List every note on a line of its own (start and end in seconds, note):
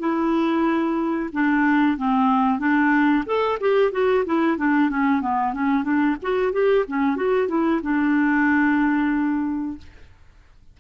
0.00 1.30 E4
1.33 1.98 D4
1.98 2.59 C4
2.59 3.25 D4
3.26 3.59 A4
3.60 3.92 G4
3.92 4.25 F#4
4.26 4.58 E4
4.58 4.90 D4
4.90 5.22 C#4
5.22 5.54 B3
5.54 5.84 C#4
5.84 6.17 D4
6.23 6.53 F#4
6.53 6.85 G4
6.88 7.17 C#4
7.17 7.49 F#4
7.49 7.81 E4
7.83 9.78 D4